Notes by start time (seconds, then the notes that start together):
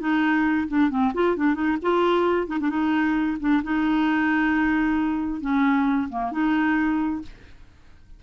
0.00 D#4
0.68 D4
0.90 C4
1.14 F4
1.36 D4
1.55 D#4
1.82 F4
2.47 D#4
2.60 D4
2.70 D#4
3.40 D4
3.63 D#4
5.41 C#4
6.09 A#3
6.32 D#4